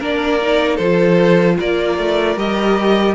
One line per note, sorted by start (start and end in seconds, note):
0.00 0.79 A#3
0.00 0.41 D4
0.00 0.76 A#4
0.00 0.78 D5
0.42 0.81 D#4
0.76 1.58 F3
0.76 1.55 A4
0.76 1.57 C5
0.83 2.38 F4
1.60 1.99 A#3
1.60 3.15 A#4
1.60 2.39 D5
1.99 2.37 A3
2.37 3.15 G3
2.37 3.15 G4
2.37 3.15 D#5